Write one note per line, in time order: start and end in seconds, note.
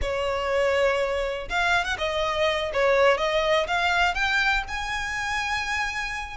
0.01 1.49 C#5
1.49 1.84 F5
1.84 1.96 F#5
1.97 2.71 D#5
2.73 3.17 C#5
3.17 3.66 D#5
3.67 4.14 F5
4.14 4.63 G5
4.68 6.36 G#5